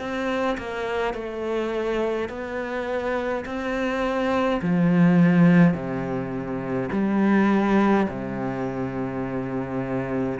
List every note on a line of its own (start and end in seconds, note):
0.00 0.58 C4
0.58 1.14 A#3
1.14 2.29 A3
2.29 3.45 B3
3.46 4.61 C4
4.62 5.74 F3
5.74 6.90 C3
6.92 8.08 G3
8.09 10.40 C3